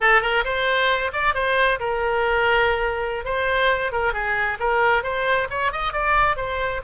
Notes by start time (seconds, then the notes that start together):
0.00 A4
0.21 A#4
0.44 C5
1.13 D5
1.34 C5
1.79 A#4
3.25 C5
3.92 A#4
4.13 G#4
4.59 A#4
5.03 C5
5.50 C#5
5.72 D#5
5.92 D5
6.36 C5